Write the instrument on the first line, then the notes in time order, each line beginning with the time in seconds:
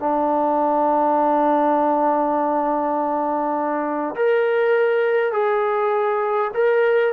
trombone
0.00 D4
4.16 A#4
5.33 G#4
6.55 A#4